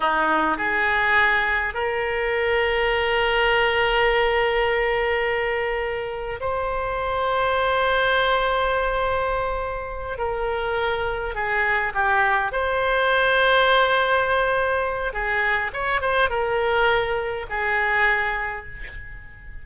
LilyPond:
\new Staff \with { instrumentName = "oboe" } { \time 4/4 \tempo 4 = 103 dis'4 gis'2 ais'4~ | ais'1~ | ais'2. c''4~ | c''1~ |
c''4. ais'2 gis'8~ | gis'8 g'4 c''2~ c''8~ | c''2 gis'4 cis''8 c''8 | ais'2 gis'2 | }